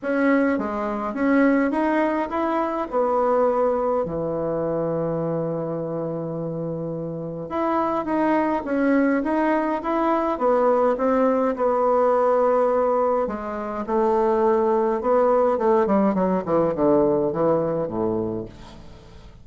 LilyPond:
\new Staff \with { instrumentName = "bassoon" } { \time 4/4 \tempo 4 = 104 cis'4 gis4 cis'4 dis'4 | e'4 b2 e4~ | e1~ | e4 e'4 dis'4 cis'4 |
dis'4 e'4 b4 c'4 | b2. gis4 | a2 b4 a8 g8 | fis8 e8 d4 e4 a,4 | }